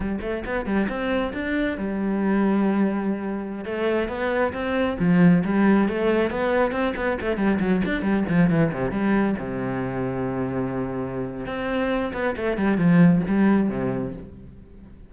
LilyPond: \new Staff \with { instrumentName = "cello" } { \time 4/4 \tempo 4 = 136 g8 a8 b8 g8 c'4 d'4 | g1~ | g16 a4 b4 c'4 f8.~ | f16 g4 a4 b4 c'8 b16~ |
b16 a8 g8 fis8 d'8 g8 f8 e8 c16~ | c16 g4 c2~ c8.~ | c2 c'4. b8 | a8 g8 f4 g4 c4 | }